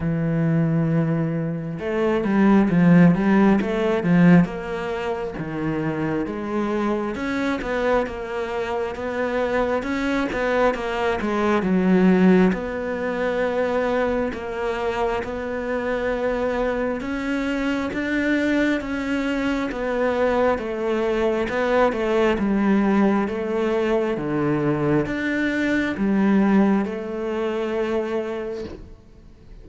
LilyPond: \new Staff \with { instrumentName = "cello" } { \time 4/4 \tempo 4 = 67 e2 a8 g8 f8 g8 | a8 f8 ais4 dis4 gis4 | cis'8 b8 ais4 b4 cis'8 b8 | ais8 gis8 fis4 b2 |
ais4 b2 cis'4 | d'4 cis'4 b4 a4 | b8 a8 g4 a4 d4 | d'4 g4 a2 | }